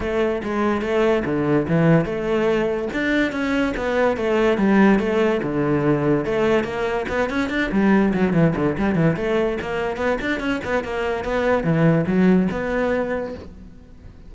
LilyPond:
\new Staff \with { instrumentName = "cello" } { \time 4/4 \tempo 4 = 144 a4 gis4 a4 d4 | e4 a2 d'4 | cis'4 b4 a4 g4 | a4 d2 a4 |
ais4 b8 cis'8 d'8 g4 fis8 | e8 d8 g8 e8 a4 ais4 | b8 d'8 cis'8 b8 ais4 b4 | e4 fis4 b2 | }